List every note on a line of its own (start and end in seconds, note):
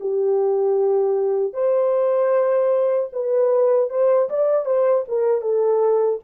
0.00 1.53 G4
1.53 3.09 C5
3.12 3.90 B4
3.90 4.29 C5
4.29 4.65 D5
4.65 5.04 C5
5.08 5.41 A#4
5.41 6.19 A4